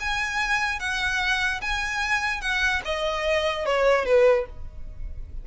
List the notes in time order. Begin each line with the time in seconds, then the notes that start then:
0.00 G#5
0.80 F#5
1.61 G#5
2.41 F#5
2.85 D#5
3.66 C#5
4.05 B4